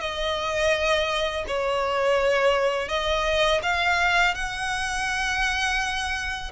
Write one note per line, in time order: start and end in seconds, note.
0.00 1.45 D#5
1.47 2.88 C#5
2.88 3.61 D#5
3.63 4.35 F5
4.35 6.52 F#5